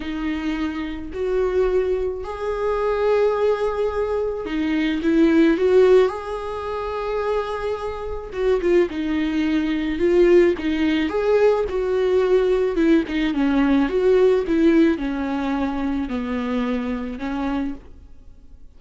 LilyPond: \new Staff \with { instrumentName = "viola" } { \time 4/4 \tempo 4 = 108 dis'2 fis'2 | gis'1 | dis'4 e'4 fis'4 gis'4~ | gis'2. fis'8 f'8 |
dis'2 f'4 dis'4 | gis'4 fis'2 e'8 dis'8 | cis'4 fis'4 e'4 cis'4~ | cis'4 b2 cis'4 | }